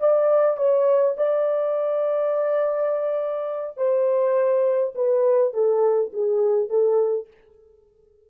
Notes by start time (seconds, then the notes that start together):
0.00 D5
0.57 C#5
1.18 D5
3.78 C5
4.95 B4
5.54 A4
6.14 G#4
6.70 A4